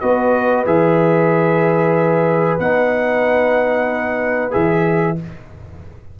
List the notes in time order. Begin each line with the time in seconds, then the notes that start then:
0.00 B3 F#4 B4 D#5
0.65 E3 G#4 E5
2.59 B3 D#4 F#5
4.51 E3 G#4 E5